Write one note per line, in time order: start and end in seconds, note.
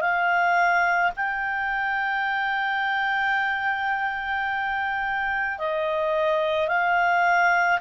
0.00 1.11 F5
1.16 5.59 G5
5.59 6.68 D#5
6.68 7.79 F5